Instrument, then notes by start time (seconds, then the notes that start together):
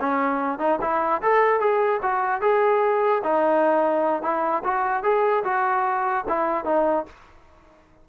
trombone
0.00 C#4
0.59 D#4
0.81 E4
1.22 A4
1.60 G#4
2.02 F#4
2.41 G#4
3.24 D#4
4.22 E4
4.64 F#4
5.03 G#4
5.44 F#4
6.29 E4
6.65 D#4